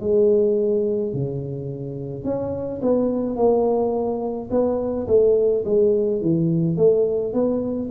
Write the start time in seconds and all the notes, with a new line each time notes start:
0.00 G#3
1.13 C#3
2.24 C#4
2.81 B3
3.36 A#3
4.50 B3
5.07 A3
5.65 G#3
6.21 E3
6.77 A3
7.33 B3